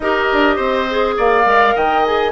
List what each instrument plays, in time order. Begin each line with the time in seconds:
0.00 bassoon D#4, clarinet G4, oboe A#4, flute D#5
0.32 bassoon D4
0.56 bassoon C4, oboe C5
0.89 clarinet G#4
1.17 bassoon A#3, oboe D5, flute F5
1.44 bassoon G#3, clarinet A#4
1.75 bassoon D#3, oboe D#5, flute G5
2.05 clarinet G#4, flute G#5